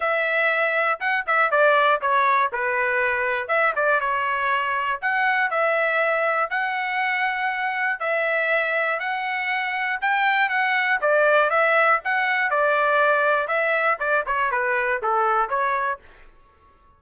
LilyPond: \new Staff \with { instrumentName = "trumpet" } { \time 4/4 \tempo 4 = 120 e''2 fis''8 e''8 d''4 | cis''4 b'2 e''8 d''8 | cis''2 fis''4 e''4~ | e''4 fis''2. |
e''2 fis''2 | g''4 fis''4 d''4 e''4 | fis''4 d''2 e''4 | d''8 cis''8 b'4 a'4 cis''4 | }